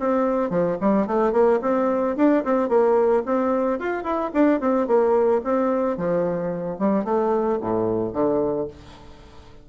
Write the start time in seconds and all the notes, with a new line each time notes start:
0.00 C4
0.50 F3
0.81 G3
1.07 A3
1.32 A#3
1.62 C4
2.17 D4
2.45 C4
2.69 A#3
3.26 C4
3.80 F4
4.04 E4
4.34 D4
4.60 C4
4.87 A#3
5.44 C4
5.97 F3
6.79 G3
7.05 A3
7.61 A2
8.13 D3